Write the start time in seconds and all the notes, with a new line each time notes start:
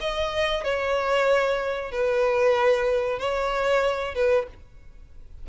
0.00 D#5
0.64 C#5
1.91 B4
3.19 C#5
4.15 B4